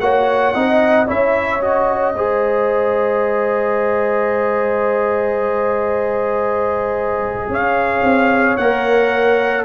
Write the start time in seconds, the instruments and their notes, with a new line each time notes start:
0.00 tuba A#3, trombone F#4, horn C#5, trumpet F#5
0.54 tuba C4, trombone D#4, horn D#5
1.07 tuba C#4, trombone E4, horn C#5, trumpet E5
1.61 trombone F#4, trumpet D#5
2.14 tuba G#3, trombone G#4, horn C5
7.49 tuba C#4, horn C#5, trumpet F5
8.03 tuba C4
8.57 tuba A#3, trombone A#4, trumpet F#5